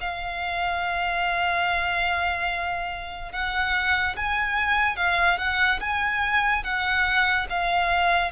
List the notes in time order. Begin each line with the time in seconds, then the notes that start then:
0.00 F5
3.32 F#5
4.16 G#5
4.96 F5
5.37 F#5
5.80 G#5
6.63 F#5
7.49 F5